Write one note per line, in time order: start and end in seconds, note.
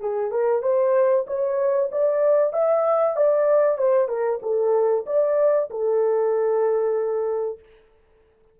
0.00 0.31 G#4
0.31 0.62 A#4
0.62 1.25 C5
1.27 1.90 C#5
1.92 2.53 D5
2.53 3.16 E5
3.16 3.78 D5
3.78 4.08 C5
4.08 4.40 A#4
4.42 5.05 A4
5.06 5.70 D5
5.70 7.60 A4